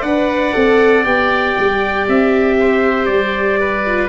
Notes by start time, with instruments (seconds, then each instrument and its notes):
0.00 tuba D4, viola B4, oboe D5, trumpet F#5
0.53 tuba C4, viola A4
1.03 tuba B3, viola G4, trumpet G5
1.59 tuba G3
2.08 tuba C4, trumpet E5
2.59 oboe C5
3.06 tuba G3, trumpet D5
3.59 oboe B4
3.86 viola F4